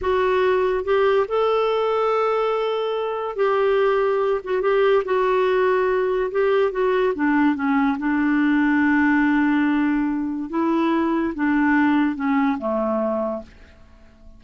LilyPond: \new Staff \with { instrumentName = "clarinet" } { \time 4/4 \tempo 4 = 143 fis'2 g'4 a'4~ | a'1 | g'2~ g'8 fis'8 g'4 | fis'2. g'4 |
fis'4 d'4 cis'4 d'4~ | d'1~ | d'4 e'2 d'4~ | d'4 cis'4 a2 | }